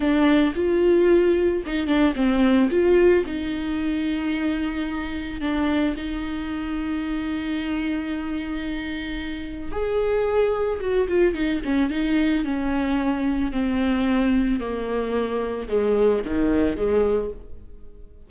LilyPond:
\new Staff \with { instrumentName = "viola" } { \time 4/4 \tempo 4 = 111 d'4 f'2 dis'8 d'8 | c'4 f'4 dis'2~ | dis'2 d'4 dis'4~ | dis'1~ |
dis'2 gis'2 | fis'8 f'8 dis'8 cis'8 dis'4 cis'4~ | cis'4 c'2 ais4~ | ais4 gis4 dis4 gis4 | }